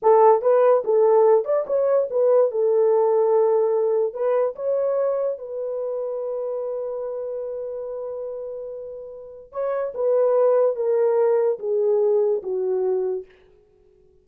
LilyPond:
\new Staff \with { instrumentName = "horn" } { \time 4/4 \tempo 4 = 145 a'4 b'4 a'4. d''8 | cis''4 b'4 a'2~ | a'2 b'4 cis''4~ | cis''4 b'2.~ |
b'1~ | b'2. cis''4 | b'2 ais'2 | gis'2 fis'2 | }